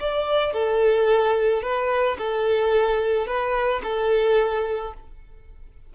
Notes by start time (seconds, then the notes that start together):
0.00 D5
0.54 A4
1.63 B4
2.19 A4
3.27 B4
3.84 A4